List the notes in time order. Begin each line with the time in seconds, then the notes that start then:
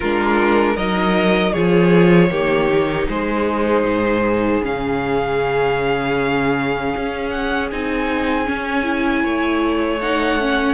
0.00 G#3 D4 F4 A#4
0.75 F#3 D#4 A#4 D#5
1.52 F3 F4 G#4 C#5
2.30 D#3 A#3 G4
2.70 D#4
3.08 G#3 G#4 C5
3.83 G#2
4.62 C#3 C#4 F5
6.96 C#4
7.29 F#5
7.71 C4 D#4 G#5
8.45 C#4
8.83 E4
9.23 A3 C#5
10.00 D#4 F#5
10.40 C#4